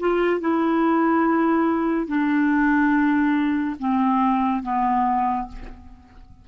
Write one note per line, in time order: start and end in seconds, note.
0.00 0.41 F4
0.41 2.07 E4
2.07 3.76 D4
3.80 4.63 C4
4.63 5.48 B3